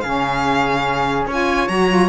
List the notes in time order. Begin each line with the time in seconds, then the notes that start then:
0.00 C#3 C#4 G#4 F5
1.26 C#4 F4 C#5 G#5
1.68 F#3 F#4 A#5
1.89 F4